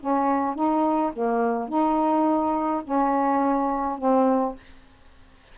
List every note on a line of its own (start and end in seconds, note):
0.00 0.55 C#4
0.55 1.12 D#4
1.13 1.68 A#3
1.68 2.82 D#4
2.84 3.98 C#4
3.98 4.55 C4